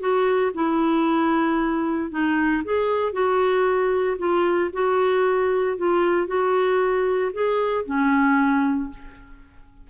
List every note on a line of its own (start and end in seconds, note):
0.00 0.52 F#4
0.55 2.11 E4
2.11 2.63 D#4
2.65 3.13 G#4
3.13 4.17 F#4
4.19 4.71 F4
4.73 5.78 F#4
5.78 6.28 F4
6.28 7.32 F#4
7.33 7.85 G#4
7.86 8.90 C#4